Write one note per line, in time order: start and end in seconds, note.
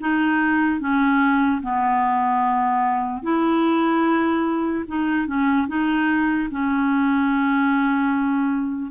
0.00 0.80 D#4
0.80 1.61 C#4
1.62 3.22 B3
3.22 4.85 E4
4.88 5.27 D#4
5.27 5.67 C#4
5.68 6.49 D#4
6.51 8.91 C#4